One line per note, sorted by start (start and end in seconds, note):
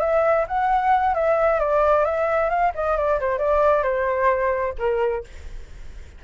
0.00 0.45 E5
0.48 1.14 F#5
1.14 1.59 E5
1.59 2.05 D5
2.05 2.49 E5
2.49 2.72 F5
2.75 2.97 D#5
2.97 3.19 D5
3.20 3.38 C5
3.38 3.83 D5
3.83 4.74 C5
4.79 5.24 A#4